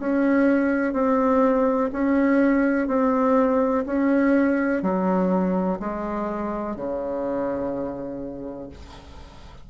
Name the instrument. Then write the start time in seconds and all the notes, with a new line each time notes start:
bassoon
0.00 C#4
0.94 C4
1.93 C#4
2.88 C4
3.86 C#4
4.83 F#3
5.80 G#3
6.77 C#3